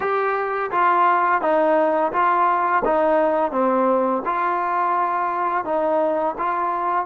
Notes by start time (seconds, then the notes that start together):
0.00 G4
0.71 F4
1.41 D#4
2.12 F4
2.85 D#4
3.51 C4
4.25 F4
5.64 D#4
6.38 F4